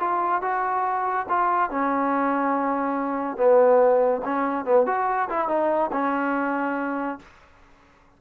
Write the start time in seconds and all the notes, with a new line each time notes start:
0.00 F4
0.42 F#4
1.29 F4
1.71 C#4
3.37 B3
4.25 C#4
4.65 B3
4.87 F#4
5.30 E4
5.49 D#4
5.93 C#4